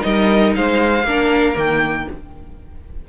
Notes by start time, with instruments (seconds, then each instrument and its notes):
0.00 cello G3, viola D#4, violin A#4 D#5
0.55 cello G#3, violin C5 F5
1.04 cello A#3, viola D4, violin A#4
1.55 cello D#3, viola A#3, violin G5